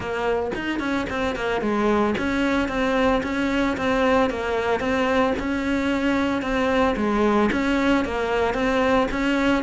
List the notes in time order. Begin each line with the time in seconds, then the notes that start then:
0.00 A#3
0.55 D#4
0.79 C#4
1.09 C4
1.35 A#3
1.61 G#3
2.18 C#4
2.68 C4
3.23 C#4
3.77 C4
4.30 A#3
4.80 C4
5.39 C#4
6.41 C4
6.96 G#3
7.51 C#4
8.04 A#3
8.54 C4
9.11 C#4